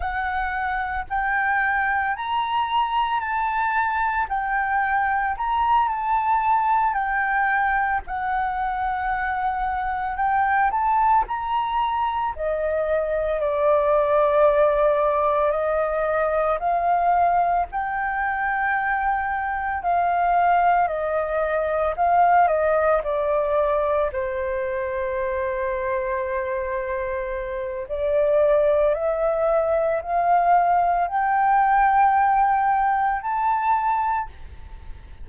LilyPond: \new Staff \with { instrumentName = "flute" } { \time 4/4 \tempo 4 = 56 fis''4 g''4 ais''4 a''4 | g''4 ais''8 a''4 g''4 fis''8~ | fis''4. g''8 a''8 ais''4 dis''8~ | dis''8 d''2 dis''4 f''8~ |
f''8 g''2 f''4 dis''8~ | dis''8 f''8 dis''8 d''4 c''4.~ | c''2 d''4 e''4 | f''4 g''2 a''4 | }